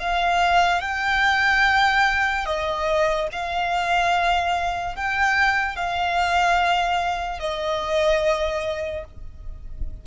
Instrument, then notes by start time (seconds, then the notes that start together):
violin
0.00 F5
0.81 G5
2.46 D#5
3.33 F5
4.96 G5
5.76 F5
7.40 D#5